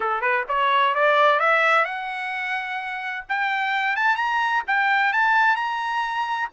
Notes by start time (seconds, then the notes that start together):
0.00 A4
0.21 B4
0.48 C#5
0.95 D5
1.39 E5
1.84 F#5
3.28 G5
3.95 A5
4.16 A#5
4.67 G5
5.13 A5
5.56 A#5